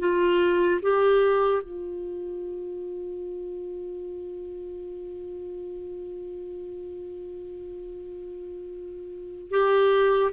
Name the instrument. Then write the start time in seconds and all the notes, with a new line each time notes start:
clarinet
0.00 F4
0.82 G4
1.63 F4
9.51 G4